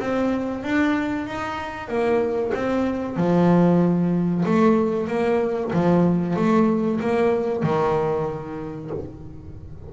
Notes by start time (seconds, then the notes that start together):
0.00 C4
0.63 D4
1.27 D#4
1.88 A#3
2.54 C4
3.17 F3
4.45 A3
5.07 A#3
5.73 F3
6.36 A3
7.00 A#3
7.63 D#3